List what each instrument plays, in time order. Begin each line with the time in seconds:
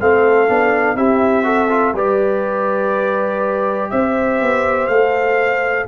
0.00 tuba A3, trombone C4, horn A4, trumpet F5
0.48 tuba B3, trombone D4
0.96 tuba C4, trombone E4, horn G4, trumpet E5
1.44 trombone F#4, horn A4
1.70 trombone F4
1.94 tuba G3, trombone G4, horn B4, trumpet D5
3.91 tuba C4, horn C5, trumpet E5
4.42 tuba B3
4.88 tuba A3, trombone A4, trumpet F5